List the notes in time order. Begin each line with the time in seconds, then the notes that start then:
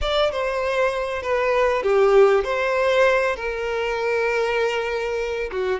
0.01 D5
0.31 C5
1.22 B4
1.82 G4
2.44 C5
3.36 A#4
5.51 F#4